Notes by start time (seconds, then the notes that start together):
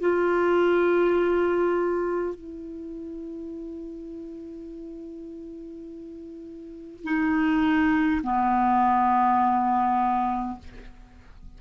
0.00 F4
2.35 E4
7.03 D#4
8.23 B3